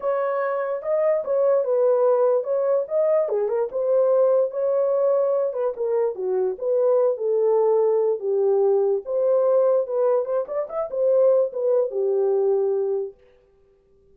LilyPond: \new Staff \with { instrumentName = "horn" } { \time 4/4 \tempo 4 = 146 cis''2 dis''4 cis''4 | b'2 cis''4 dis''4 | gis'8 ais'8 c''2 cis''4~ | cis''4. b'8 ais'4 fis'4 |
b'4. a'2~ a'8 | g'2 c''2 | b'4 c''8 d''8 e''8 c''4. | b'4 g'2. | }